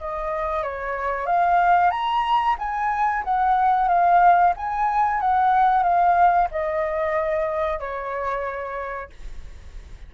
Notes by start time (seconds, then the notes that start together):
0.00 D#5
0.63 C#5
1.26 F5
1.91 A#5
2.59 G#5
3.24 F#5
3.89 F5
4.57 G#5
5.21 F#5
5.83 F5
6.51 D#5
7.80 C#5